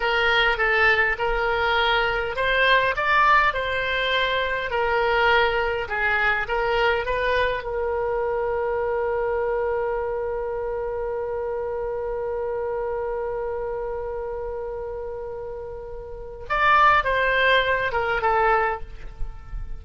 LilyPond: \new Staff \with { instrumentName = "oboe" } { \time 4/4 \tempo 4 = 102 ais'4 a'4 ais'2 | c''4 d''4 c''2 | ais'2 gis'4 ais'4 | b'4 ais'2.~ |
ais'1~ | ais'1~ | ais'1 | d''4 c''4. ais'8 a'4 | }